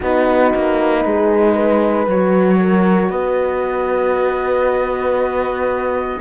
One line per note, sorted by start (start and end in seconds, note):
0.00 0.53 B3
0.00 2.08 D#4
0.00 1.01 F#4
0.00 2.09 B4
0.55 1.04 A#3
1.04 2.06 G#3
1.04 1.53 G#4
1.53 2.57 B4
2.06 3.09 F#3
2.06 6.20 F#4
2.06 3.10 C#5
2.59 3.10 A#4
3.09 6.19 B3
3.09 6.20 B4
3.09 6.20 D#5